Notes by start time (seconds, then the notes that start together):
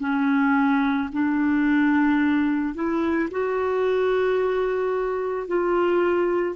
0.00 C#4
1.13 D4
2.74 E4
3.31 F#4
5.47 F4